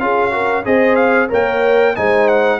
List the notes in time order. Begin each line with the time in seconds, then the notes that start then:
0.00 C#4 F4 G#4 F5
0.31 F#4 A#4
0.65 C4 G#4 C5 D#5
0.95 F5
1.29 A#3 A#4 C#5 G5
1.95 G#3 D#4 C5 G#5
2.28 F#5